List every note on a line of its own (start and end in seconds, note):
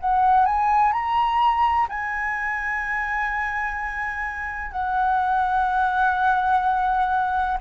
0.00 0.45 F#5
0.45 0.92 G#5
0.92 1.87 A#5
1.89 4.72 G#5
4.72 7.58 F#5